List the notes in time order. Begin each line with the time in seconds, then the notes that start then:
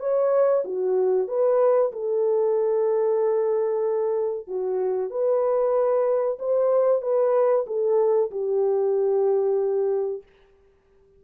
0.00 C#5
0.65 F#4
1.29 B4
1.93 A4
4.48 F#4
5.11 B4
6.39 C5
7.02 B4
7.67 A4
8.32 G4